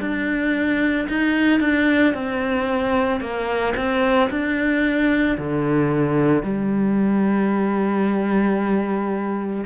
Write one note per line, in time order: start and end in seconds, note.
0.00 1.07 D4
1.08 1.60 D#4
1.60 2.13 D4
2.14 3.20 C4
3.20 3.74 A#3
3.76 4.30 C4
4.30 5.37 D4
5.38 6.43 D3
6.43 9.64 G3